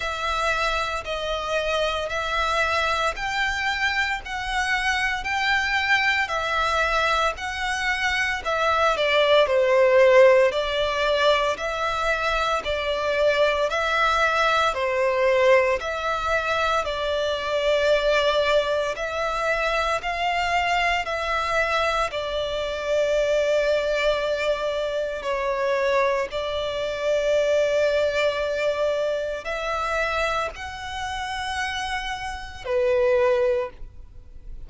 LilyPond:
\new Staff \with { instrumentName = "violin" } { \time 4/4 \tempo 4 = 57 e''4 dis''4 e''4 g''4 | fis''4 g''4 e''4 fis''4 | e''8 d''8 c''4 d''4 e''4 | d''4 e''4 c''4 e''4 |
d''2 e''4 f''4 | e''4 d''2. | cis''4 d''2. | e''4 fis''2 b'4 | }